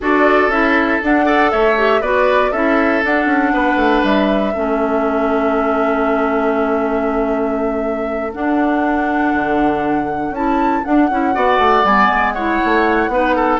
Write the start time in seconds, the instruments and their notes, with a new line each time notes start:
0.00 bassoon D4, clarinet F#4, oboe A4, flute D5
0.47 bassoon C#4, clarinet E4, flute E5
1.03 bassoon D4, clarinet D4, flute F#5
1.25 clarinet A4, oboe D5
1.51 bassoon A3, oboe C#5, flute E5
1.77 clarinet G4
2.01 bassoon B3, clarinet F#4, oboe B4, flute D5
2.51 bassoon C#4, clarinet E4, oboe A4, flute E5
3.03 clarinet D4, bassoon D4, flute F#5
3.25 bassoon C#4
3.53 bassoon B3, oboe B4
3.75 bassoon A3
4.03 bassoon G3, flute E5
4.53 bassoon A3, clarinet C#4, oboe A4
8.32 clarinet D4, bassoon D4, flute F#5
9.34 bassoon D3
10.30 bassoon C#4, clarinet E4, flute A5
10.83 clarinet D4, bassoon D4, flute F#5
11.10 bassoon C#4, clarinet E4
11.33 bassoon B3, clarinet F#4, oboe D5
11.58 bassoon A3
11.84 bassoon G3, clarinet B3, flute G#5
12.09 bassoon G#3
12.33 clarinet E4, oboe C#5, flute F#5
12.64 bassoon A3
13.08 bassoon B3, clarinet D#4, oboe B4
13.35 oboe A4